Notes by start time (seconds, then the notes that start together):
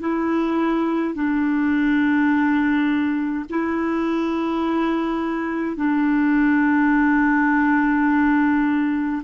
0.00 E4
1.14 D4
3.50 E4
5.76 D4